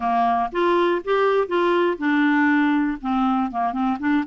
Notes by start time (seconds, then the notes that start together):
0.00 A#3
0.51 F4
1.04 G4
1.47 F4
1.98 D4
3.01 C4
3.51 A#3
3.72 C4
3.99 D4